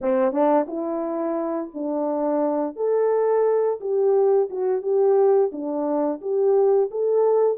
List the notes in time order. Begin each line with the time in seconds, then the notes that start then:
0.01 C4
0.32 D4
0.67 E4
1.74 D4
2.76 A4
3.80 G4
4.50 F#4
4.82 G4
5.52 D4
6.21 G4
6.90 A4